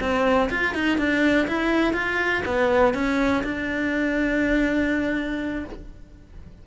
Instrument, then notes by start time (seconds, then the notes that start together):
cello
0.00 C4
0.49 F4
0.74 D#4
0.97 D4
1.47 E4
1.93 F4
2.45 B3
2.94 C#4
3.43 D4